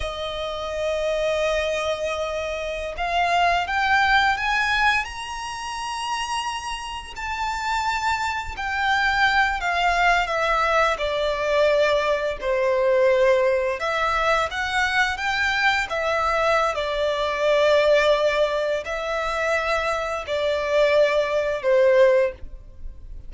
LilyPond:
\new Staff \with { instrumentName = "violin" } { \time 4/4 \tempo 4 = 86 dis''1~ | dis''16 f''4 g''4 gis''4 ais''8.~ | ais''2~ ais''16 a''4.~ a''16~ | a''16 g''4. f''4 e''4 d''16~ |
d''4.~ d''16 c''2 e''16~ | e''8. fis''4 g''4 e''4~ e''16 | d''2. e''4~ | e''4 d''2 c''4 | }